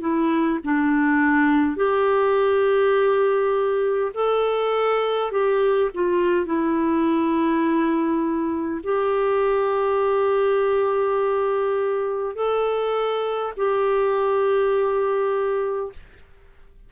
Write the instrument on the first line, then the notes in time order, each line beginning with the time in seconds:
clarinet
0.00 E4
0.64 D4
1.76 G4
4.14 A4
5.31 G4
5.94 F4
6.45 E4
8.83 G4
12.35 A4
13.57 G4